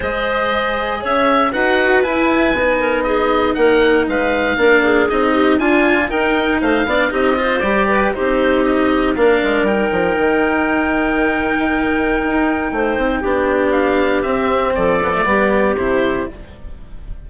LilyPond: <<
  \new Staff \with { instrumentName = "oboe" } { \time 4/4 \tempo 4 = 118 dis''2 e''4 fis''4 | gis''2 dis''4 fis''4 | f''2 dis''4 gis''4 | g''4 f''4 dis''4 d''4 |
c''4 dis''4 f''4 g''4~ | g''1~ | g''2. f''4 | e''4 d''2 c''4 | }
  \new Staff \with { instrumentName = "clarinet" } { \time 4/4 c''2 cis''4 b'4~ | b'4. ais'8 gis'4 ais'4 | b'4 ais'8 gis'4 g'8 f'4 | ais'4 c''8 d''8 g'8 c''4 b'8 |
g'2 ais'2~ | ais'1~ | ais'4 c''4 g'2~ | g'4 a'4 g'2 | }
  \new Staff \with { instrumentName = "cello" } { \time 4/4 gis'2. fis'4 | e'4 dis'2.~ | dis'4 d'4 dis'4 f'4 | dis'4. d'8 dis'8 f'8 g'4 |
dis'2 d'4 dis'4~ | dis'1~ | dis'2 d'2 | c'4. b16 a16 b4 e'4 | }
  \new Staff \with { instrumentName = "bassoon" } { \time 4/4 gis2 cis'4 dis'4 | e'4 b2 ais4 | gis4 ais4 c'4 d'4 | dis'4 a8 b8 c'4 g4 |
c'2 ais8 gis8 g8 f8 | dis1 | dis'4 a8 c'8 b2 | c'4 f4 g4 c4 | }
>>